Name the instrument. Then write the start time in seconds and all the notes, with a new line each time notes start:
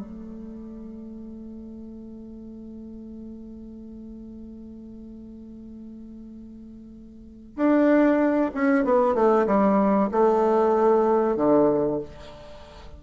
bassoon
0.00 A3
7.57 D4
8.55 C#4
8.85 B3
9.15 A3
9.47 G3
10.12 A3
11.37 D3